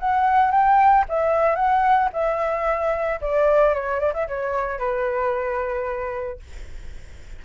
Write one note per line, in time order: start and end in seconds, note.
0.00 0.52 F#5
0.52 1.05 G5
1.09 1.56 E5
1.56 2.10 F#5
2.13 3.20 E5
3.21 3.75 D5
3.75 4.00 C#5
4.00 4.13 D5
4.14 4.28 E5
4.28 4.79 C#5
4.79 6.40 B4